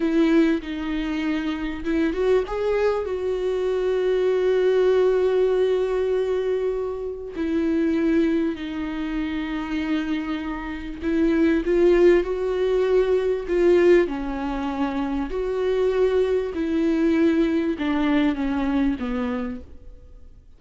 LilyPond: \new Staff \with { instrumentName = "viola" } { \time 4/4 \tempo 4 = 98 e'4 dis'2 e'8 fis'8 | gis'4 fis'2.~ | fis'1 | e'2 dis'2~ |
dis'2 e'4 f'4 | fis'2 f'4 cis'4~ | cis'4 fis'2 e'4~ | e'4 d'4 cis'4 b4 | }